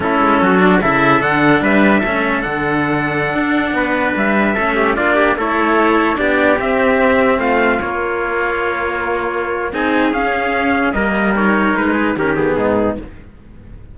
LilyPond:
<<
  \new Staff \with { instrumentName = "trumpet" } { \time 4/4 \tempo 4 = 148 a'2 e''4 fis''4 | e''2 fis''2~ | fis''2~ fis''16 e''4.~ e''16~ | e''16 d''4 cis''2 d''8.~ |
d''16 e''2 f''4 cis''8.~ | cis''1 | gis''4 f''2 dis''4 | cis''4 b'4 ais'8 gis'4. | }
  \new Staff \with { instrumentName = "trumpet" } { \time 4/4 e'4 fis'4 a'2 | b'4 a'2.~ | a'4~ a'16 b'2 a'8 g'16~ | g'16 f'8 g'8 a'2 g'8.~ |
g'2~ g'16 f'4.~ f'16~ | f'1 | gis'2. ais'4~ | ais'4. gis'8 g'4 dis'4 | }
  \new Staff \with { instrumentName = "cello" } { \time 4/4 cis'4. d'8 e'4 d'4~ | d'4 cis'4 d'2~ | d'2.~ d'16 cis'8.~ | cis'16 d'4 e'2 d'8.~ |
d'16 c'2. ais8.~ | ais1 | dis'4 cis'2 ais4 | dis'2 cis'8 b4. | }
  \new Staff \with { instrumentName = "cello" } { \time 4/4 a8 gis8 fis4 cis4 d4 | g4 a4 d2~ | d16 d'4 b4 g4 a8.~ | a16 ais4 a2 b8.~ |
b16 c'2 a4 ais8.~ | ais1 | c'4 cis'2 g4~ | g4 gis4 dis4 gis,4 | }
>>